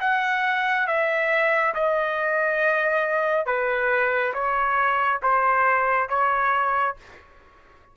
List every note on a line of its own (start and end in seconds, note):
0.00 0.87 F#5
0.87 1.74 E5
1.74 3.46 D#5
3.46 4.33 B4
4.33 5.20 C#5
5.22 6.09 C5
6.09 6.96 C#5